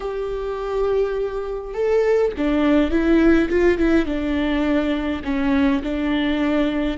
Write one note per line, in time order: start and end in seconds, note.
0.00 1.73 G4
1.73 2.32 A4
2.37 2.90 D4
2.90 3.48 E4
3.49 3.78 F4
3.78 4.05 E4
4.05 5.22 D4
5.24 5.82 C#4
5.82 6.97 D4